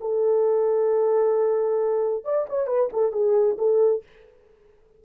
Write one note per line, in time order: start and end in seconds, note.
0.00 2.24 A4
2.24 2.46 D5
2.49 2.66 C#5
2.66 2.89 B4
2.92 3.11 A4
3.11 3.57 G#4
3.57 4.03 A4